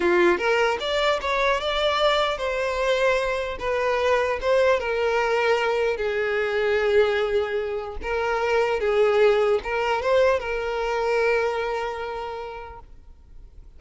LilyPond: \new Staff \with { instrumentName = "violin" } { \time 4/4 \tempo 4 = 150 f'4 ais'4 d''4 cis''4 | d''2 c''2~ | c''4 b'2 c''4 | ais'2. gis'4~ |
gis'1 | ais'2 gis'2 | ais'4 c''4 ais'2~ | ais'1 | }